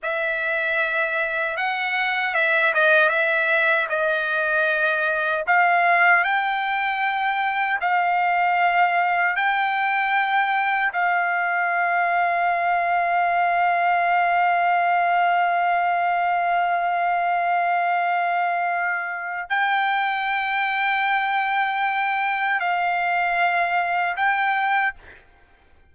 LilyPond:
\new Staff \with { instrumentName = "trumpet" } { \time 4/4 \tempo 4 = 77 e''2 fis''4 e''8 dis''8 | e''4 dis''2 f''4 | g''2 f''2 | g''2 f''2~ |
f''1~ | f''1~ | f''4 g''2.~ | g''4 f''2 g''4 | }